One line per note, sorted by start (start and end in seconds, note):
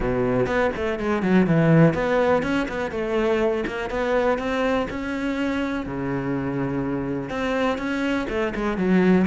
0.00 0.46 B2
0.46 0.71 B3
0.75 0.99 A3
0.99 1.22 G#3
1.22 1.46 F#3
1.47 1.94 E3
1.94 2.42 B3
2.43 2.67 C#4
2.68 2.91 B3
2.91 3.64 A3
3.67 3.90 A#3
3.90 4.38 B3
4.38 4.87 C4
4.90 5.86 C#4
5.86 7.29 C#3
7.29 7.77 C4
7.77 8.26 C#4
8.29 8.53 A3
8.55 8.77 G#3
8.77 9.26 F#3